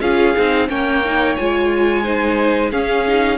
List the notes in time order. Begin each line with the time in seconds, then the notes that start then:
0.00 C#4 F4 G#4 F5
0.36 C4 D#4
0.68 A#3 C#4 C#5 G5
1.04 D#4
1.36 G#3 F4 G#5
2.03 D#4 C5
2.71 C#4 G#4 F5
3.07 D#4